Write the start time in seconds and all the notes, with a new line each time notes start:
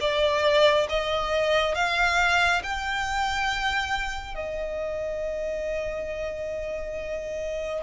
0.00 D5
0.89 D#5
1.75 F5
2.63 G5
4.35 D#5